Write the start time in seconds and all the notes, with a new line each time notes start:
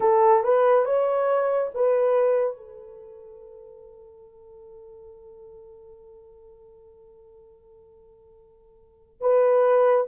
0.00 A4
0.43 B4
0.85 C#5
1.74 B4
2.56 A4
9.21 B4